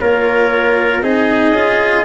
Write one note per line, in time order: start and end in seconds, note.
0.00 1.02 A#3
0.00 1.02 F4
0.00 1.03 A#4
0.00 1.02 C#5
1.02 1.51 C4
1.02 1.54 D#4
1.02 2.05 G#4
1.02 2.05 D#5
1.51 2.03 C#4
1.51 2.05 F4